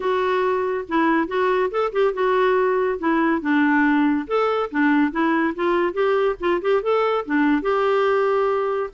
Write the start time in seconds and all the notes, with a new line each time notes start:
0.00 F#4
0.88 E4
1.27 F#4
1.70 A4
1.92 G4
2.13 F#4
2.98 E4
3.41 D4
4.27 A4
4.70 D4
5.11 E4
5.55 F4
5.93 G4
6.40 F4
6.61 G4
6.82 A4
7.25 D4
7.62 G4